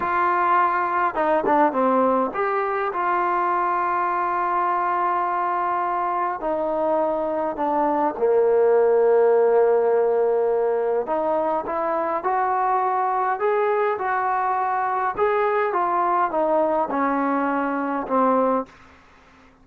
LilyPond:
\new Staff \with { instrumentName = "trombone" } { \time 4/4 \tempo 4 = 103 f'2 dis'8 d'8 c'4 | g'4 f'2.~ | f'2. dis'4~ | dis'4 d'4 ais2~ |
ais2. dis'4 | e'4 fis'2 gis'4 | fis'2 gis'4 f'4 | dis'4 cis'2 c'4 | }